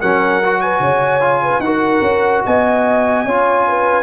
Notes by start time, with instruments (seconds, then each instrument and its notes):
0.00 tuba F#3, trombone C#4, horn A#4, trumpet F#5
0.44 trombone F#4
0.61 horn B4, trumpet G#5
0.79 tuba C#3, horn C#5
1.20 trombone F4
1.42 horn B4
1.59 tuba D#4, trombone F#4, horn A#4, trumpet F#5
2.01 tuba C#4
2.45 tuba B3, horn D#5, trumpet G#5
3.25 tuba C#4, trombone F4, horn C#5
3.67 horn B4